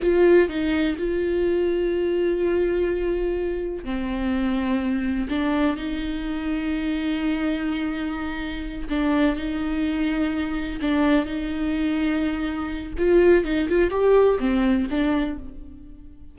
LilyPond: \new Staff \with { instrumentName = "viola" } { \time 4/4 \tempo 4 = 125 f'4 dis'4 f'2~ | f'1 | c'2. d'4 | dis'1~ |
dis'2~ dis'8 d'4 dis'8~ | dis'2~ dis'8 d'4 dis'8~ | dis'2. f'4 | dis'8 f'8 g'4 c'4 d'4 | }